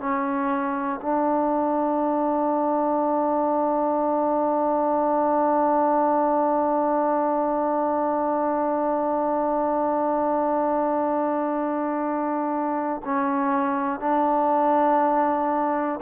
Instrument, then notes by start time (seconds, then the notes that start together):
trombone
0.00 C#4
1.02 D4
13.05 C#4
14.00 D4